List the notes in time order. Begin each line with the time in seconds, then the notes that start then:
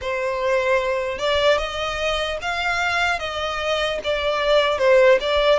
0.01 C5
1.18 D5
1.57 D#5
2.41 F5
3.19 D#5
4.04 D5
4.78 C5
5.20 D5